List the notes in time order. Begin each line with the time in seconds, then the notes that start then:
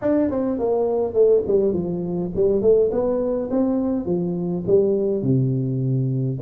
0.01 D4
0.30 C4
0.58 A#3
1.13 A3
1.47 G3
1.73 F3
2.35 G3
2.61 A3
2.91 B3
3.50 C4
4.05 F3
4.66 G3
5.22 C3